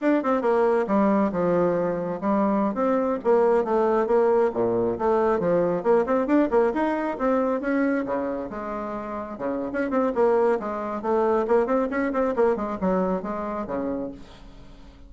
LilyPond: \new Staff \with { instrumentName = "bassoon" } { \time 4/4 \tempo 4 = 136 d'8 c'8 ais4 g4 f4~ | f4 g4~ g16 c'4 ais8.~ | ais16 a4 ais4 ais,4 a8.~ | a16 f4 ais8 c'8 d'8 ais8 dis'8.~ |
dis'16 c'4 cis'4 cis4 gis8.~ | gis4~ gis16 cis8. cis'8 c'8 ais4 | gis4 a4 ais8 c'8 cis'8 c'8 | ais8 gis8 fis4 gis4 cis4 | }